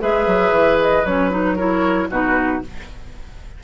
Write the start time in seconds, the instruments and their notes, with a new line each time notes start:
0.00 bassoon G#3, clarinet G#4, oboe B4, flute E5
0.27 bassoon F#3
0.51 bassoon E3
0.81 flute D#5
1.05 bassoon F#3, clarinet C#4, flute C#5
1.31 clarinet D#4, flute B4
1.56 clarinet E4, oboe A#4, flute C#5
2.10 bassoon B2, clarinet D#4, oboe F#4, flute B4